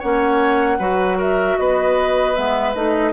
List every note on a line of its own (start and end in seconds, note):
0.00 0.79 A#3
0.00 0.79 C#4
0.00 0.78 C#5
0.00 1.18 F#5
0.79 1.57 F#3
0.79 2.35 F#4
0.79 1.18 B4
1.18 1.57 A#4
1.18 1.58 E5
1.58 2.37 B3
1.58 3.13 B4
1.58 2.35 D#5
2.35 2.75 G#3
2.35 2.74 B3
2.35 2.74 E5
2.75 3.13 A3
2.75 3.13 D#4
2.75 3.13 D#5